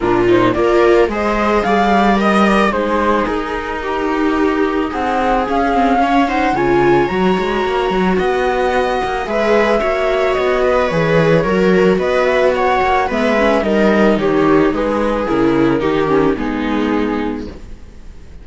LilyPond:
<<
  \new Staff \with { instrumentName = "flute" } { \time 4/4 \tempo 4 = 110 ais'8 c''8 d''4 dis''4 f''4 | dis''8 d''8 c''4 ais'2~ | ais'4 fis''4 f''4. fis''8 | gis''4 ais''2 fis''4~ |
fis''4 e''2 dis''4 | cis''2 dis''8 e''8 fis''4 | e''4 dis''4 cis''4 b'4 | ais'2 gis'2 | }
  \new Staff \with { instrumentName = "viola" } { \time 4/4 f'4 ais'4 c''4 d''4 | dis''4 gis'2 g'4~ | g'4 gis'2 cis''8 c''8 | cis''2. dis''4~ |
dis''4 b'4 cis''4. b'8~ | b'4 ais'4 b'4 cis''4 | b'4 ais'4 g'4 gis'4~ | gis'4 g'4 dis'2 | }
  \new Staff \with { instrumentName = "viola" } { \time 4/4 d'8 dis'8 f'4 gis'2 | ais'4 dis'2.~ | dis'2 cis'8 c'8 cis'8 dis'8 | f'4 fis'2.~ |
fis'4 gis'4 fis'2 | gis'4 fis'2. | b8 cis'8 dis'2. | e'4 dis'8 cis'8 b2 | }
  \new Staff \with { instrumentName = "cello" } { \time 4/4 ais,4 ais4 gis4 g4~ | g4 gis4 dis'2~ | dis'4 c'4 cis'2 | cis4 fis8 gis8 ais8 fis8 b4~ |
b8 ais8 gis4 ais4 b4 | e4 fis4 b4. ais8 | gis4 g4 dis4 gis4 | cis4 dis4 gis2 | }
>>